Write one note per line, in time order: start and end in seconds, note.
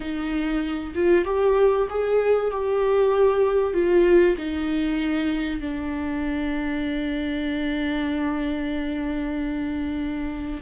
0.00 0.93 D#4
0.94 1.24 F4
1.24 1.87 G4
1.89 2.51 G#4
2.51 3.73 G4
3.73 4.36 F4
4.38 5.60 D#4
5.60 10.60 D4